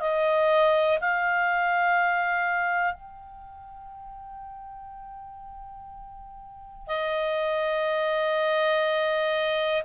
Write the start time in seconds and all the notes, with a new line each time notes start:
0.00 D#5
1.01 F5
2.94 G5
6.87 D#5